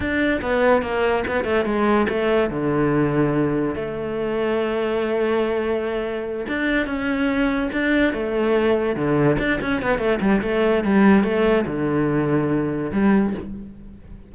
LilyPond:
\new Staff \with { instrumentName = "cello" } { \time 4/4 \tempo 4 = 144 d'4 b4 ais4 b8 a8 | gis4 a4 d2~ | d4 a2.~ | a2.~ a8 d'8~ |
d'8 cis'2 d'4 a8~ | a4. d4 d'8 cis'8 b8 | a8 g8 a4 g4 a4 | d2. g4 | }